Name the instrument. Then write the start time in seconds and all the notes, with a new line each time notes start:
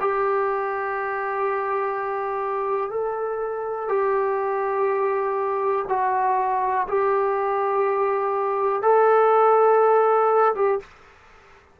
trombone
0.00 G4
2.90 A4
3.89 G4
5.88 F#4
6.88 G4
8.82 A4
10.55 G4